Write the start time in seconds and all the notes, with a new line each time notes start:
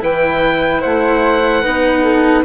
0.00 E3 E4 B4 G5
0.81 A3 C5 F#5
1.61 B3 D#4 B4
2.03 A4